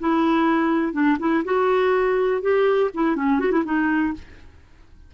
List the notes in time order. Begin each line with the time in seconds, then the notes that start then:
0.00 E4
0.93 D4
1.20 E4
1.45 F#4
2.42 G4
2.94 E4
3.16 C#4
3.40 F#4
3.52 E4
3.65 D#4